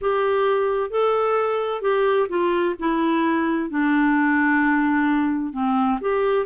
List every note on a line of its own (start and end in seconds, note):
0.01 0.90 G4
0.90 1.81 A4
1.81 2.27 G4
2.28 2.74 F4
2.79 3.70 E4
3.70 5.53 D4
5.53 5.99 C4
6.00 6.46 G4